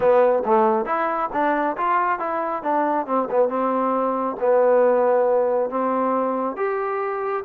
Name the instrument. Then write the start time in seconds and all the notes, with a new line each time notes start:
trombone
0.00 B3
0.45 A3
0.85 E4
1.32 D4
1.77 F4
2.19 E4
2.62 D4
3.06 C4
3.30 B3
3.49 C4
4.40 B3
5.70 C4
6.56 G4